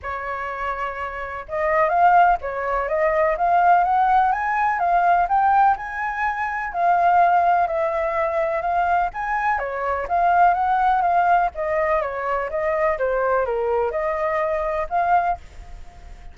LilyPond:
\new Staff \with { instrumentName = "flute" } { \time 4/4 \tempo 4 = 125 cis''2. dis''4 | f''4 cis''4 dis''4 f''4 | fis''4 gis''4 f''4 g''4 | gis''2 f''2 |
e''2 f''4 gis''4 | cis''4 f''4 fis''4 f''4 | dis''4 cis''4 dis''4 c''4 | ais'4 dis''2 f''4 | }